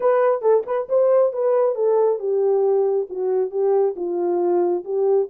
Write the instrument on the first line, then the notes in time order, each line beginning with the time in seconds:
horn
0.00 B4
0.41 A4
0.66 B4
0.88 C5
1.32 B4
1.75 A4
2.19 G4
3.09 F#4
3.51 G4
3.95 F4
4.84 G4